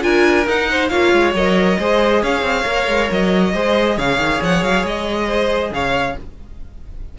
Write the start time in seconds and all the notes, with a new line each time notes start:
0.00 D4 F4 A#4 G#5
0.47 D#4 F#5
0.70 C5
0.88 A#3 F4 C#5 F5
1.12 G#3
1.33 F#3 A#4 D#5
1.78 G#3 G#4 C5
2.22 C#4 C#5 F5
2.41 C4
2.64 A#3 A#4
2.87 G#3
3.10 F#3 D#5
3.52 G#3 G#4 C5
3.96 C#3 C#5 F5
4.17 D#3
4.42 F3 F#5
4.62 F#3 F5
4.83 G#3 D#5
5.27 C5
5.71 C#3 C#5 F5